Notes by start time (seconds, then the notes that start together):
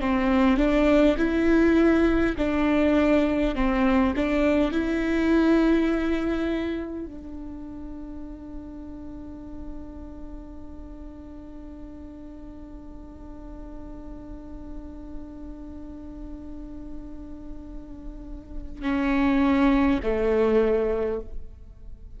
0.00 C4
0.57 D4
1.17 E4
2.37 D4
3.55 C4
4.16 D4
4.71 E4
7.05 D4
18.82 C#4
20.02 A3